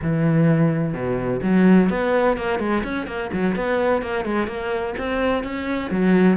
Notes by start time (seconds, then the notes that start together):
0.02 E3
0.93 B2
1.42 F#3
1.89 B3
2.37 A#3
2.59 G#3
2.83 C#4
3.06 A#3
3.33 F#3
3.55 B3
4.02 A#3
4.24 G#3
4.47 A#3
4.98 C4
5.43 C#4
5.91 F#3